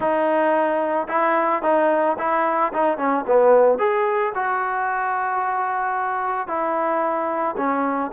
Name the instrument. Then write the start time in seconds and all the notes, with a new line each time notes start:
trombone
0.00 D#4
1.08 E4
1.62 D#4
2.18 E4
2.73 D#4
2.97 C#4
3.26 B3
3.78 G#4
4.34 F#4
6.47 E4
7.57 C#4